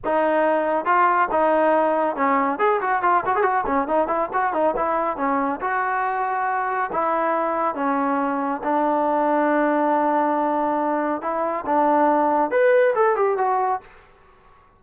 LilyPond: \new Staff \with { instrumentName = "trombone" } { \time 4/4 \tempo 4 = 139 dis'2 f'4 dis'4~ | dis'4 cis'4 gis'8 fis'8 f'8 fis'16 gis'16 | fis'8 cis'8 dis'8 e'8 fis'8 dis'8 e'4 | cis'4 fis'2. |
e'2 cis'2 | d'1~ | d'2 e'4 d'4~ | d'4 b'4 a'8 g'8 fis'4 | }